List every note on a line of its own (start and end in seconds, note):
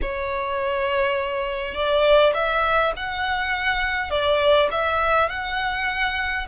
0.01 1.74 C#5
1.74 2.33 D5
2.33 2.92 E5
2.96 4.10 F#5
4.10 4.69 D5
4.71 5.29 E5
5.29 6.47 F#5